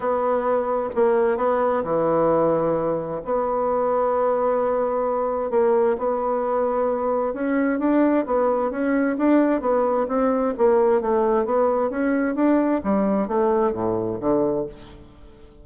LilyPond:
\new Staff \with { instrumentName = "bassoon" } { \time 4/4 \tempo 4 = 131 b2 ais4 b4 | e2. b4~ | b1 | ais4 b2. |
cis'4 d'4 b4 cis'4 | d'4 b4 c'4 ais4 | a4 b4 cis'4 d'4 | g4 a4 a,4 d4 | }